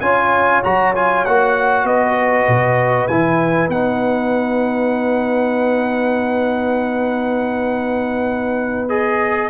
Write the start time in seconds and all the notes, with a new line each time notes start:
0.00 C#4 F4 C#5 G#5
0.63 F#3 F#4 A#5
0.95 F4 G#5
1.25 A#3 F#4 F#5
1.83 B3 B4 D#5
2.47 B2
3.07 E3 E4 G#5
3.68 B3 D#4 F#5
8.89 G#4 D#5